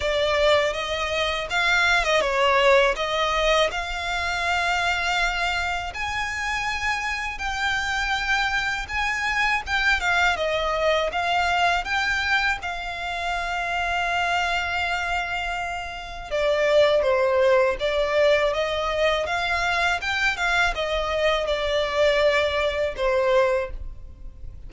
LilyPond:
\new Staff \with { instrumentName = "violin" } { \time 4/4 \tempo 4 = 81 d''4 dis''4 f''8. dis''16 cis''4 | dis''4 f''2. | gis''2 g''2 | gis''4 g''8 f''8 dis''4 f''4 |
g''4 f''2.~ | f''2 d''4 c''4 | d''4 dis''4 f''4 g''8 f''8 | dis''4 d''2 c''4 | }